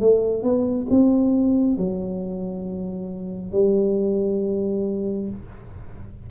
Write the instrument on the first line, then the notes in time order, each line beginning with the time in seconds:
tuba
0.00 A3
0.43 B3
0.90 C4
1.77 F#3
3.52 G3